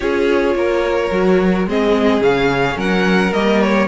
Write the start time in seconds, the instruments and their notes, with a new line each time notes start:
0.00 cello C#4, viola F4, violin G#4 C#5
0.54 cello A#3, violin A#4
1.11 cello F#3, viola F#4
1.66 cello G#3, viola C4, violin G#4 D#5
2.20 cello C#3, viola C#4, violin F5
2.76 cello F#3, violin A#4 F#5
3.33 cello G3, viola A#3, violin D#5
3.61 violin C#5